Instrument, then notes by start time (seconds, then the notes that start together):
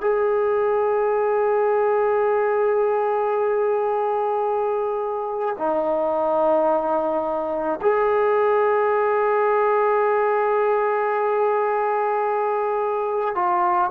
trombone
0.00 G#4
5.57 D#4
7.81 G#4
13.35 F4